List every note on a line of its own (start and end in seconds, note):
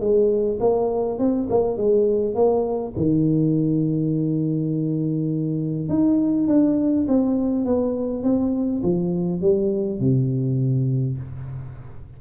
0.00 0.59 G#3
0.60 1.19 A#3
1.19 1.48 C4
1.50 1.77 A#3
1.77 2.35 G#3
2.35 2.94 A#3
2.97 5.89 D#3
5.89 6.48 D#4
6.48 7.07 D4
7.08 7.65 C4
7.65 8.23 B3
8.23 8.82 C4
8.83 9.41 F3
9.41 10.00 G3
10.00 11.18 C3